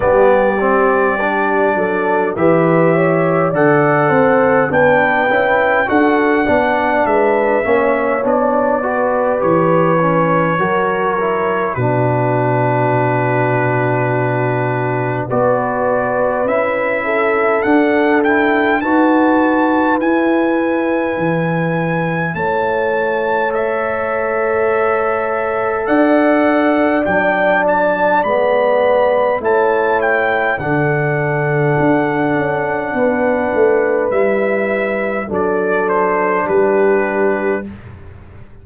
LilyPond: <<
  \new Staff \with { instrumentName = "trumpet" } { \time 4/4 \tempo 4 = 51 d''2 e''4 fis''4 | g''4 fis''4 e''4 d''4 | cis''2 b'2~ | b'4 d''4 e''4 fis''8 g''8 |
a''4 gis''2 a''4 | e''2 fis''4 g''8 a''8 | b''4 a''8 g''8 fis''2~ | fis''4 e''4 d''8 c''8 b'4 | }
  \new Staff \with { instrumentName = "horn" } { \time 4/4 g'4. a'8 b'8 cis''8 d''8 c''8 | b'4 a'8 d''8 b'8 cis''4 b'8~ | b'4 ais'4 fis'2~ | fis'4 b'4. a'4. |
b'2. cis''4~ | cis''2 d''2~ | d''4 cis''4 a'2 | b'2 a'4 g'4 | }
  \new Staff \with { instrumentName = "trombone" } { \time 4/4 b8 c'8 d'4 g'4 a'4 | d'8 e'8 fis'8 d'4 cis'8 d'8 fis'8 | g'8 cis'8 fis'8 e'8 d'2~ | d'4 fis'4 e'4 d'8 e'8 |
fis'4 e'2. | a'2. d'4 | b4 e'4 d'2~ | d'4 e'4 d'2 | }
  \new Staff \with { instrumentName = "tuba" } { \time 4/4 g4. fis8 e4 d8 c'8 | b8 cis'8 d'8 b8 gis8 ais8 b4 | e4 fis4 b,2~ | b,4 b4 cis'4 d'4 |
dis'4 e'4 e4 a4~ | a2 d'4 fis4 | gis4 a4 d4 d'8 cis'8 | b8 a8 g4 fis4 g4 | }
>>